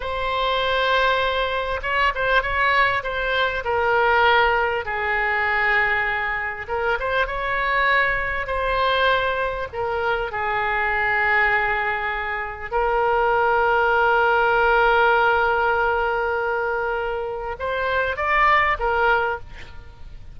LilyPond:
\new Staff \with { instrumentName = "oboe" } { \time 4/4 \tempo 4 = 99 c''2. cis''8 c''8 | cis''4 c''4 ais'2 | gis'2. ais'8 c''8 | cis''2 c''2 |
ais'4 gis'2.~ | gis'4 ais'2.~ | ais'1~ | ais'4 c''4 d''4 ais'4 | }